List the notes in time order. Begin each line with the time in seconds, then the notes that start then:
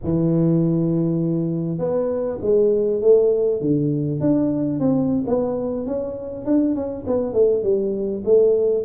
0.03 E3
1.78 B3
2.41 G#3
3.01 A3
3.60 D3
4.20 D4
4.79 C4
5.26 B3
5.86 C#4
6.45 D4
6.75 C#4
7.06 B3
7.33 A3
7.63 G3
8.24 A3